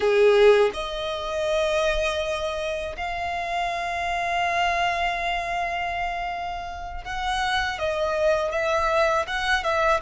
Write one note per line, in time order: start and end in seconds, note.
0.00 0.70 G#4
0.73 2.96 D#5
2.96 7.04 F5
7.04 7.78 F#5
7.78 8.52 D#5
8.52 9.26 E5
9.27 9.63 F#5
9.63 10.00 E5